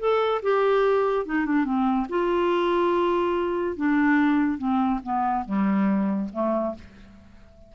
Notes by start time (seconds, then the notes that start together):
0.00 A4
0.43 G4
1.26 D#4
1.46 D4
1.65 C4
2.10 F4
3.77 D4
4.59 C4
5.04 B3
5.45 G3
6.33 A3